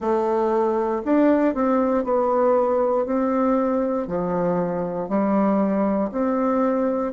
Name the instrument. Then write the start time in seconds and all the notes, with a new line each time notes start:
bassoon
0.00 A3
1.04 D4
1.54 C4
2.03 B3
3.05 C4
4.07 F3
5.08 G3
6.11 C4